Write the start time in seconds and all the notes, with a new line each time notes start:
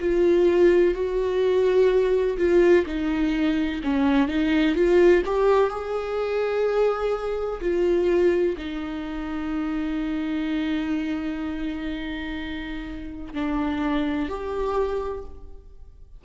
0.00 F4
0.94 F#4
2.38 F4
2.86 D#4
3.84 C#4
4.28 D#4
4.75 F4
5.25 G4
5.70 G#4
7.61 F4
8.57 D#4
13.33 D4
14.29 G4